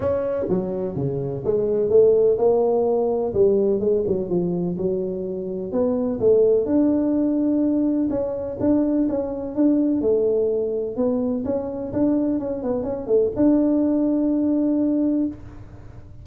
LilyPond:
\new Staff \with { instrumentName = "tuba" } { \time 4/4 \tempo 4 = 126 cis'4 fis4 cis4 gis4 | a4 ais2 g4 | gis8 fis8 f4 fis2 | b4 a4 d'2~ |
d'4 cis'4 d'4 cis'4 | d'4 a2 b4 | cis'4 d'4 cis'8 b8 cis'8 a8 | d'1 | }